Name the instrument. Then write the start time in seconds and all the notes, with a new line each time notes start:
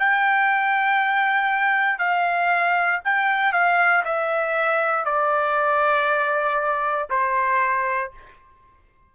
trumpet
0.00 G5
1.99 F5
3.05 G5
3.53 F5
4.05 E5
5.06 D5
7.10 C5